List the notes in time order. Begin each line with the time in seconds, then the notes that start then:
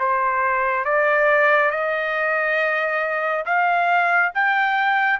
0.00 C5
0.85 D5
1.71 D#5
3.46 F5
4.34 G5